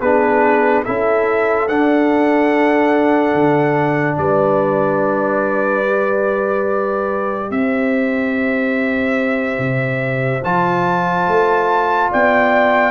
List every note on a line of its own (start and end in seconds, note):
0.00 0.84 B3
0.00 0.85 D4
0.00 0.83 G#4
0.00 0.84 B4
0.85 1.68 C#4
0.85 1.68 E4
0.85 4.18 A4
0.85 1.68 E5
1.68 3.34 D4
1.68 5.83 D4
1.68 4.18 F#5
3.34 4.17 D3
4.18 7.50 G3
4.18 7.50 B4
4.18 7.51 D5
5.83 10.42 G4
7.50 9.58 C4
7.50 12.08 C5
7.50 10.43 E5
9.58 10.41 C3
10.44 11.27 F3
10.44 12.90 F4
10.44 12.11 A5
11.27 12.10 A3
12.11 12.90 B3
12.11 12.90 D5
12.11 12.90 G5